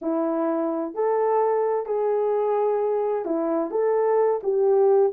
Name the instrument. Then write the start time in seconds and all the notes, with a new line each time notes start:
horn
0.01 E4
0.94 A4
1.86 G#4
3.25 E4
3.70 A4
4.43 G4